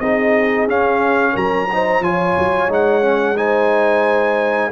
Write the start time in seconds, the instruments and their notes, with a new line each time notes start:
0.00 tuba C4, trombone D#4, horn G#4, trumpet D#5
0.68 tuba C#4, trombone C#4, trumpet F5
1.33 tuba F#3, horn A#4, trumpet A#5
1.73 trombone D#4, horn C5
2.00 tuba F3, trombone F4, horn C#5, trumpet G#5
2.38 tuba F#3
2.68 tuba G#3, trombone D#4, trumpet F#5
3.02 trombone C#4
3.37 trombone D#4, horn C5, trumpet G#5